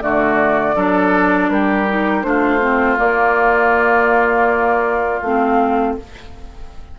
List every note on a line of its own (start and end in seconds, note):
0.00 0.75 D3
0.00 0.74 A3
0.00 0.75 F#4
0.00 1.49 D5
0.75 1.49 F#3
0.75 1.87 D4
0.75 1.49 A4
1.49 2.23 G3
1.49 2.26 G4
1.49 2.23 A#4
1.87 2.22 D#4
2.22 2.98 A3
2.22 2.59 D4
2.22 5.97 F4
2.22 2.97 C5
2.59 2.96 C4
2.97 5.19 A#3
2.97 5.21 A#3
2.97 5.20 D5
5.20 5.95 A3
5.20 5.99 C4
5.20 5.94 F5